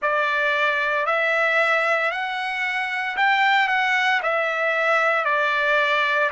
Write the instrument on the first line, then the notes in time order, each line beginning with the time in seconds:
trumpet
0.01 D5
1.06 E5
2.11 F#5
3.16 G5
3.68 F#5
4.22 E5
5.24 D5